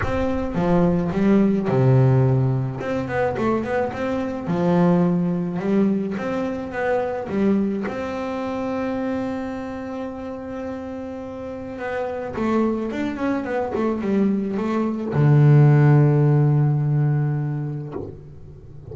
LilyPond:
\new Staff \with { instrumentName = "double bass" } { \time 4/4 \tempo 4 = 107 c'4 f4 g4 c4~ | c4 c'8 b8 a8 b8 c'4 | f2 g4 c'4 | b4 g4 c'2~ |
c'1~ | c'4 b4 a4 d'8 cis'8 | b8 a8 g4 a4 d4~ | d1 | }